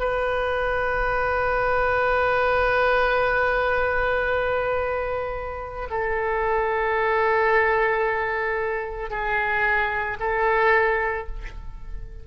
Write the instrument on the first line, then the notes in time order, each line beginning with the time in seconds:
oboe
0.00 B4
5.91 A4
9.11 G#4
10.20 A4